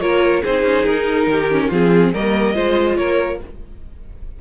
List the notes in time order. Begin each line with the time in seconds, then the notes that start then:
0.00 A#3 F4 A#4 C#5
0.42 C4 D#4 G#4 C5
0.63 C#4
0.86 D#4 A#4
1.27 D#3 G4
1.51 C#4
1.68 F3 C4 F4 G#4
2.14 G3 A#3 A#4 D#5
2.55 G#3 F4 C5
2.97 A#3 A#4 C#5